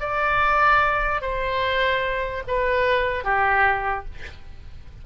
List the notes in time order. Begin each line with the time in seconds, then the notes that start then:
0.00 D5
1.22 C5
2.48 B4
3.24 G4